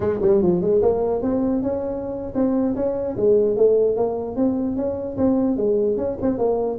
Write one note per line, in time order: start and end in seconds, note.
0.00 0.19 G#3
0.21 0.41 G3
0.41 0.61 F3
0.61 0.81 G#3
0.81 1.22 A#3
1.22 1.62 C4
1.62 2.33 C#4
2.34 2.75 C4
2.75 3.16 C#4
3.16 3.56 G#3
3.56 3.96 A3
3.96 4.36 A#3
4.36 4.76 C4
4.76 5.17 C#4
5.17 5.56 C4
5.56 5.97 G#3
5.97 6.17 C#4
6.21 6.38 C4
6.38 6.78 A#3